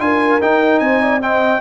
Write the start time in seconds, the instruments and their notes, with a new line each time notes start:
0.00 tuba D4, trombone F4, horn A#4, trumpet G#5
0.41 tuba D#4, trombone D#4, trumpet G5
0.80 tuba C4, horn C5, trumpet G#5
1.02 horn D5
1.21 trombone C4, horn D#5, trumpet G5